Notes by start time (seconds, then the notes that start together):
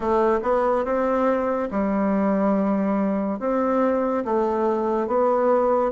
0.00 A3
0.42 B3
0.85 C4
1.71 G3
3.39 C4
4.24 A3
5.07 B3